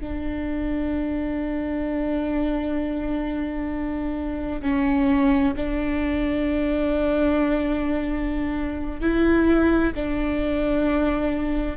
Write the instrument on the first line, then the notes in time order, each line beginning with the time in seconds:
viola
0.00 D4
4.62 C#4
5.56 D4
9.01 E4
9.95 D4